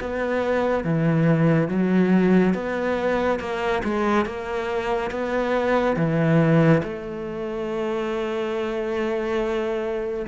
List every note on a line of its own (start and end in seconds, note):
0.00 0.84 B3
0.84 1.68 E3
1.68 2.54 F#3
2.54 3.39 B3
3.39 3.82 A#3
3.83 4.25 G#3
4.25 5.10 A#3
5.10 5.96 B3
5.96 6.82 E3
6.83 10.26 A3